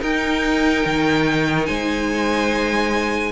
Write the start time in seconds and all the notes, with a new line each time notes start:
0.00 D#4 A#4 G5
0.85 D#3
1.66 G#3 C5 G#5